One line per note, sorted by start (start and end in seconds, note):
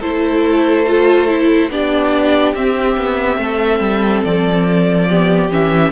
0.00 1.69 A3
0.00 0.86 E4
0.00 1.69 A4
0.00 1.71 C5
0.86 1.27 F4
1.27 1.70 E4
1.69 2.54 B3
1.69 2.55 D4
1.69 3.41 G4
1.69 2.55 D5
2.55 2.97 C4
2.55 5.09 C4
2.55 4.24 E5
2.97 3.37 B3
3.37 3.80 A3
3.37 5.09 A4
3.80 4.22 G3
4.24 5.51 F3
4.24 5.51 D5
5.09 5.50 B3
5.09 5.92 G4
5.50 5.92 E3
5.50 5.92 C#4
5.50 5.92 E5